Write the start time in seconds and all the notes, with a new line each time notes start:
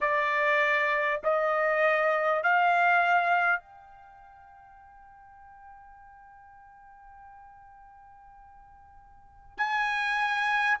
0.00 D5
1.23 D#5
2.43 F5
3.60 G5
9.57 G#5